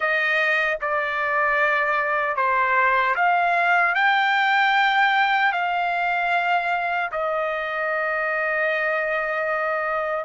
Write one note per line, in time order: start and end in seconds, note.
0.00 0.78 D#5
0.81 2.36 D5
2.36 3.15 C5
3.15 3.94 F5
3.94 5.52 G5
5.52 7.10 F5
7.11 10.24 D#5